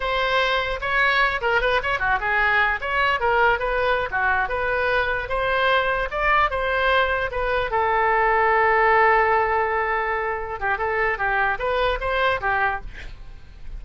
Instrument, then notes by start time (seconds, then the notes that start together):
oboe
0.00 C5
0.81 C#5
1.41 A#4
1.61 B4
1.82 C#5
1.99 F#4
2.20 G#4
2.81 C#5
3.20 A#4
3.59 B4
4.10 F#4
4.49 B4
5.28 C5
6.10 D5
6.50 C5
7.31 B4
7.70 A4
10.60 G4
10.78 A4
11.18 G4
11.58 B4
12.00 C5
12.40 G4